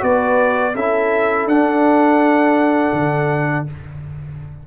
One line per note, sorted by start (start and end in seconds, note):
0.00 0.74 B3
0.00 0.72 F#4
0.00 0.74 B4
0.00 0.75 D5
0.74 1.45 C#4
0.74 1.50 E4
0.74 3.63 A4
0.74 1.48 E5
1.45 2.90 D4
1.45 3.67 D4
1.45 3.65 F#5
2.93 3.65 D3